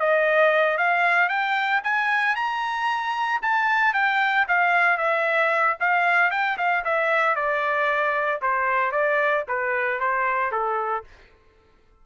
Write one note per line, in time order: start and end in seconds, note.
0.00 0.78 D#5
0.78 1.29 F5
1.29 1.82 G5
1.84 2.36 G#5
2.36 3.41 A#5
3.42 3.94 A5
3.94 4.47 G5
4.48 4.98 F5
4.98 5.77 E5
5.80 6.31 F5
6.31 6.57 G5
6.58 6.84 F5
6.84 7.36 E5
7.36 8.41 D5
8.42 8.92 C5
8.92 9.44 D5
9.48 10.00 B4
10.00 10.52 C5
10.52 11.04 A4